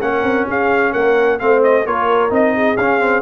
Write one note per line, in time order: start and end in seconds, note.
0.00 0.23 A#3
0.00 1.39 C#4
0.00 0.48 A#4
0.00 0.47 F#5
0.23 0.46 C4
0.48 0.94 C#4
0.48 0.92 G#4
0.48 0.93 F5
0.92 1.41 A#3
0.92 1.38 A#4
0.92 1.39 F#5
1.39 1.86 A3
1.39 1.85 C4
1.39 1.86 C5
1.39 1.62 F5
1.63 1.86 D#5
1.86 2.31 A#3
1.86 2.30 F4
1.86 2.55 A#4
1.86 2.33 C#5
2.30 2.77 C4
2.30 2.76 D#4
2.30 2.77 D#5
2.55 3.22 G#4
2.77 3.22 C#4
2.77 2.99 C#4
2.77 3.22 F5
2.99 3.22 C4